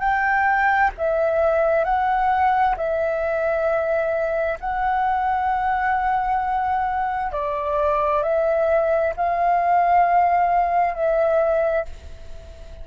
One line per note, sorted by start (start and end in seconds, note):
0.00 0.91 G5
0.98 1.85 E5
1.85 2.76 F#5
2.77 4.59 E5
4.61 7.32 F#5
7.32 8.23 D5
8.23 9.14 E5
9.17 10.95 F5
10.95 11.86 E5